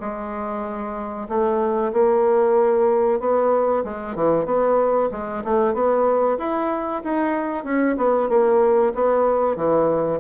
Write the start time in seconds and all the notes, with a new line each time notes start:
0.00 G#3
1.29 A3
1.93 A#3
3.20 B3
3.84 G#3
4.15 E3
4.45 B3
5.12 G#3
5.44 A3
5.74 B3
6.38 E4
7.04 D#4
7.65 C#4
7.97 B3
8.29 A#3
8.95 B3
9.56 E3